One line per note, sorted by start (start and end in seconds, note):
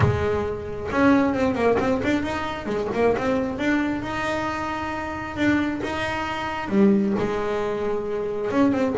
0.00 0.89 G#3
0.91 1.34 C#4
1.34 1.54 C4
1.54 1.77 A#3
1.79 2.01 C4
2.03 2.22 D4
2.22 2.66 D#4
2.66 2.88 G#3
2.94 3.16 A#3
3.17 3.58 C4
3.58 4.02 D4
4.02 5.36 D#4
5.36 5.81 D4
5.83 6.68 D#4
6.68 7.13 G3
7.18 8.51 G#3
8.51 8.72 C#4
8.72 8.94 C4